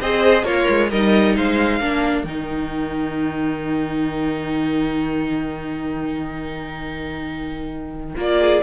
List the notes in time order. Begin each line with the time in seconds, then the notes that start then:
0.00 C4 G#4 C5 D#5
0.43 A#3 F4 A#4 C#5
0.69 G#3
0.89 G3 D#4 A#4 D#5
1.36 G#3 C5 F5
1.80 A#3 D4 A#4
2.23 D#3 D#4 G5
8.16 A#3 F4 D5
8.40 G#4